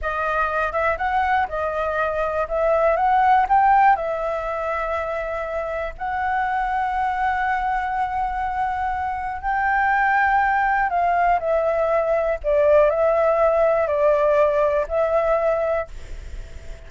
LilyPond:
\new Staff \with { instrumentName = "flute" } { \time 4/4 \tempo 4 = 121 dis''4. e''8 fis''4 dis''4~ | dis''4 e''4 fis''4 g''4 | e''1 | fis''1~ |
fis''2. g''4~ | g''2 f''4 e''4~ | e''4 d''4 e''2 | d''2 e''2 | }